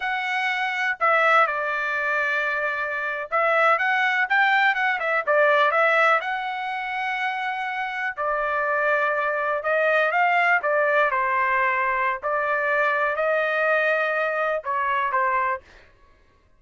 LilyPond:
\new Staff \with { instrumentName = "trumpet" } { \time 4/4 \tempo 4 = 123 fis''2 e''4 d''4~ | d''2~ d''8. e''4 fis''16~ | fis''8. g''4 fis''8 e''8 d''4 e''16~ | e''8. fis''2.~ fis''16~ |
fis''8. d''2. dis''16~ | dis''8. f''4 d''4 c''4~ c''16~ | c''4 d''2 dis''4~ | dis''2 cis''4 c''4 | }